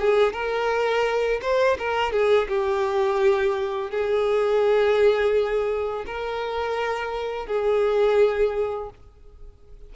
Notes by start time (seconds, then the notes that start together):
0.00 G#4
0.33 A#4
1.42 C5
1.79 A#4
2.12 G#4
2.49 G4
3.91 G#4
6.06 A#4
7.47 G#4